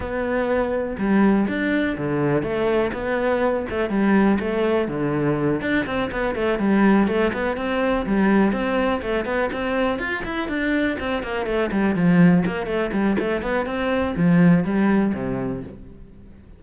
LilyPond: \new Staff \with { instrumentName = "cello" } { \time 4/4 \tempo 4 = 123 b2 g4 d'4 | d4 a4 b4. a8 | g4 a4 d4. d'8 | c'8 b8 a8 g4 a8 b8 c'8~ |
c'8 g4 c'4 a8 b8 c'8~ | c'8 f'8 e'8 d'4 c'8 ais8 a8 | g8 f4 ais8 a8 g8 a8 b8 | c'4 f4 g4 c4 | }